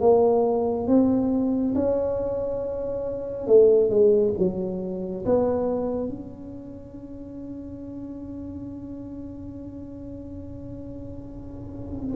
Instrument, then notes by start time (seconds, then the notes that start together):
tuba
0.00 A#3
0.87 C4
1.75 C#4
3.47 A3
3.90 G#3
4.38 F#3
5.25 B3
6.08 C#4